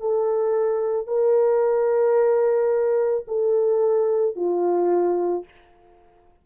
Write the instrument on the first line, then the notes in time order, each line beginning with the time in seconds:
horn
0.00 A4
1.07 A#4
3.27 A4
4.35 F4